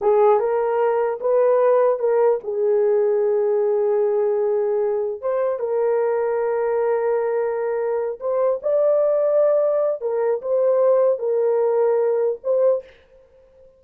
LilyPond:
\new Staff \with { instrumentName = "horn" } { \time 4/4 \tempo 4 = 150 gis'4 ais'2 b'4~ | b'4 ais'4 gis'2~ | gis'1~ | gis'4 c''4 ais'2~ |
ais'1~ | ais'8 c''4 d''2~ d''8~ | d''4 ais'4 c''2 | ais'2. c''4 | }